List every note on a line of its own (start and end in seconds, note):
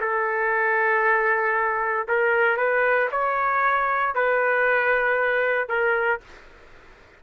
0.00 2.07 A4
2.08 2.57 A#4
2.57 3.09 B4
3.12 4.15 C#5
4.15 5.69 B4
5.69 6.21 A#4